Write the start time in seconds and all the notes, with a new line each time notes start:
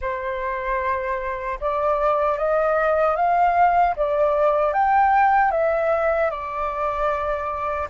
0.01 C5
1.60 D5
2.38 D#5
3.15 F5
3.96 D5
4.73 G5
5.51 E5
6.30 D5